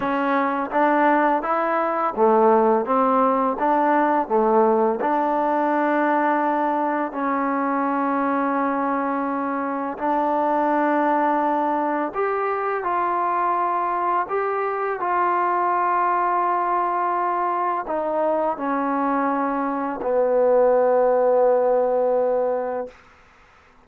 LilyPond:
\new Staff \with { instrumentName = "trombone" } { \time 4/4 \tempo 4 = 84 cis'4 d'4 e'4 a4 | c'4 d'4 a4 d'4~ | d'2 cis'2~ | cis'2 d'2~ |
d'4 g'4 f'2 | g'4 f'2.~ | f'4 dis'4 cis'2 | b1 | }